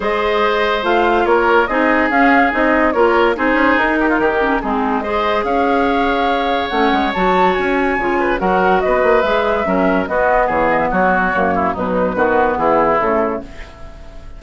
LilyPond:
<<
  \new Staff \with { instrumentName = "flute" } { \time 4/4 \tempo 4 = 143 dis''2 f''4 cis''4 | dis''4 f''4 dis''4 cis''4 | c''4 ais'2 gis'4 | dis''4 f''2. |
fis''4 a''4 gis''2 | fis''4 dis''4 e''2 | dis''4 cis''8 dis''16 e''16 cis''2 | b'2 gis'4 a'4 | }
  \new Staff \with { instrumentName = "oboe" } { \time 4/4 c''2. ais'4 | gis'2. ais'4 | gis'4. g'16 f'16 g'4 dis'4 | c''4 cis''2.~ |
cis''2.~ cis''8 b'8 | ais'4 b'2 ais'4 | fis'4 gis'4 fis'4. e'8 | dis'4 fis'4 e'2 | }
  \new Staff \with { instrumentName = "clarinet" } { \time 4/4 gis'2 f'2 | dis'4 cis'4 dis'4 f'4 | dis'2~ dis'8 cis'8 c'4 | gis'1 |
cis'4 fis'2 f'4 | fis'2 gis'4 cis'4 | b2. ais4 | fis4 b2 a4 | }
  \new Staff \with { instrumentName = "bassoon" } { \time 4/4 gis2 a4 ais4 | c'4 cis'4 c'4 ais4 | c'8 cis'8 dis'4 dis4 gis4~ | gis4 cis'2. |
a8 gis8 fis4 cis'4 cis4 | fis4 b8 ais8 gis4 fis4 | b4 e4 fis4 fis,4 | b,4 dis4 e4 cis4 | }
>>